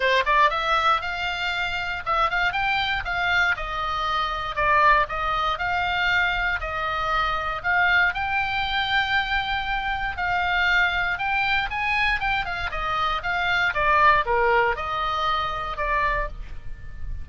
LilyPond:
\new Staff \with { instrumentName = "oboe" } { \time 4/4 \tempo 4 = 118 c''8 d''8 e''4 f''2 | e''8 f''8 g''4 f''4 dis''4~ | dis''4 d''4 dis''4 f''4~ | f''4 dis''2 f''4 |
g''1 | f''2 g''4 gis''4 | g''8 f''8 dis''4 f''4 d''4 | ais'4 dis''2 d''4 | }